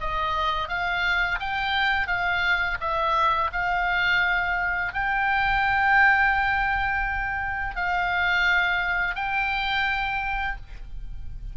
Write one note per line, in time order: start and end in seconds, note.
0.00 0.68 D#5
0.68 1.39 F5
1.39 2.07 G5
2.07 2.77 F5
2.80 3.51 E5
3.52 4.93 F5
4.93 7.75 G5
7.75 9.15 F5
9.15 10.56 G5